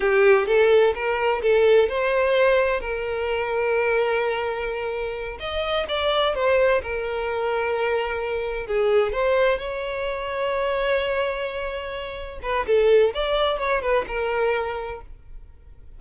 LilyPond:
\new Staff \with { instrumentName = "violin" } { \time 4/4 \tempo 4 = 128 g'4 a'4 ais'4 a'4 | c''2 ais'2~ | ais'2.~ ais'8 dis''8~ | dis''8 d''4 c''4 ais'4.~ |
ais'2~ ais'8 gis'4 c''8~ | c''8 cis''2.~ cis''8~ | cis''2~ cis''8 b'8 a'4 | d''4 cis''8 b'8 ais'2 | }